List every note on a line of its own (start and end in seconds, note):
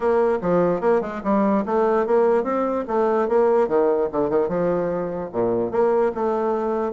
0.00 0.39 A#3
0.41 0.80 F3
0.80 1.01 A#3
1.01 1.21 G#3
1.23 1.64 G3
1.65 2.06 A3
2.06 2.43 A#3
2.43 2.84 C4
2.87 3.28 A3
3.28 3.68 A#3
3.68 4.08 D#3
4.12 4.29 D3
4.29 4.48 D#3
4.48 5.30 F3
5.32 5.71 A#2
5.71 6.12 A#3
6.14 6.92 A3